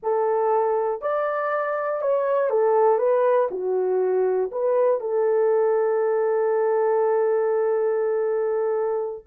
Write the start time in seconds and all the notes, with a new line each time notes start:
0.02 A4
1.01 D5
2.01 C#5
2.50 A4
2.98 B4
3.50 F#4
4.51 B4
5.00 A4